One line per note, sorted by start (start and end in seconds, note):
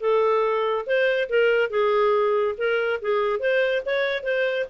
0.00 0.85 A4
0.86 1.28 C5
1.29 1.70 A#4
1.70 2.55 G#4
2.57 3.00 A#4
3.01 3.39 G#4
3.39 3.82 C5
3.85 4.23 C#5
4.23 4.65 C5